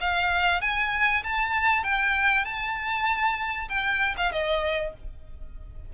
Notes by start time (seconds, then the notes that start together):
0.00 F5
0.61 G#5
1.23 A5
1.83 G5
2.44 A5
3.69 G5
4.17 F5
4.32 D#5